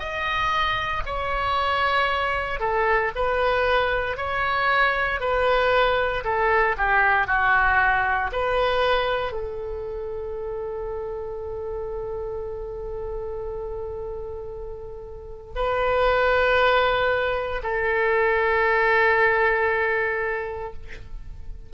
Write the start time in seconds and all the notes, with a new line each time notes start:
0.00 D#5
1.06 C#5
2.60 A4
3.16 B4
4.18 C#5
5.21 B4
6.24 A4
6.78 G4
7.27 F#4
8.33 B4
9.33 A4
15.56 B4
17.63 A4